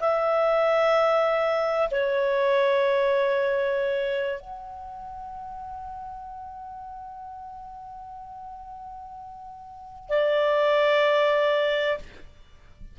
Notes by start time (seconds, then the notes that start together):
0.00 E5
1.91 C#5
4.41 F#5
10.09 D5